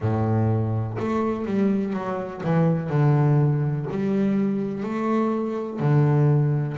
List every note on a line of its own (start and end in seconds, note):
0.00 0.97 A2
0.99 1.45 A3
1.45 1.93 G3
1.93 2.41 F#3
2.43 2.89 E3
2.89 3.86 D3
3.90 4.83 G3
4.83 5.79 A3
5.79 6.76 D3